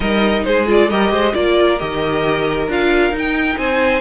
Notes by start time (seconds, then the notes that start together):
0.00 G3 D#4 A#4 D#5
0.44 G#3 G#4 C5
0.66 F4 D5
0.89 G3 G4 A#4 D#5
1.10 G#3 C5
1.33 A#3 F4 A#4 D5
1.78 D#3 G4 D#5
2.68 D4 F4 F5
3.11 D#4
3.18 G5
3.57 C4 C5 G#5